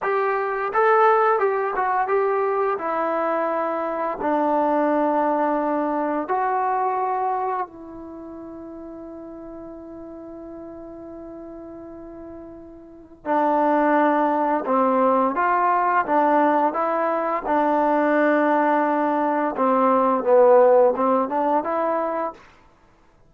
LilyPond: \new Staff \with { instrumentName = "trombone" } { \time 4/4 \tempo 4 = 86 g'4 a'4 g'8 fis'8 g'4 | e'2 d'2~ | d'4 fis'2 e'4~ | e'1~ |
e'2. d'4~ | d'4 c'4 f'4 d'4 | e'4 d'2. | c'4 b4 c'8 d'8 e'4 | }